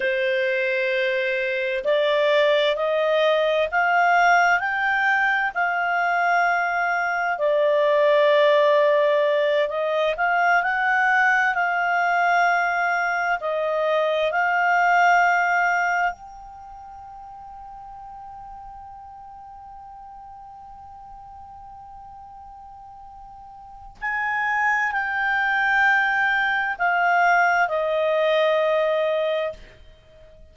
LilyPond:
\new Staff \with { instrumentName = "clarinet" } { \time 4/4 \tempo 4 = 65 c''2 d''4 dis''4 | f''4 g''4 f''2 | d''2~ d''8 dis''8 f''8 fis''8~ | fis''8 f''2 dis''4 f''8~ |
f''4. g''2~ g''8~ | g''1~ | g''2 gis''4 g''4~ | g''4 f''4 dis''2 | }